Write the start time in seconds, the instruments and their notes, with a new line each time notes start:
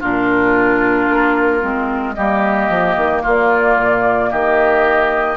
0.00 bassoon A#2, clarinet D4, oboe F4, flute A#4
1.09 bassoon A#3
1.60 bassoon G#3, clarinet C4
2.14 bassoon G3, clarinet A#3, oboe G4, flute D#5
2.69 bassoon F3
2.96 bassoon D#3
3.22 bassoon A#3, oboe F4, flute D5
3.77 bassoon A#2
4.31 bassoon D#3, oboe G4, flute D#5